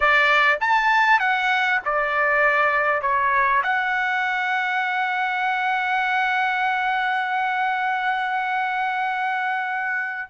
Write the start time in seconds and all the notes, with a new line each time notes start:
0.00 D5
0.60 A5
1.19 F#5
1.84 D5
3.01 C#5
3.63 F#5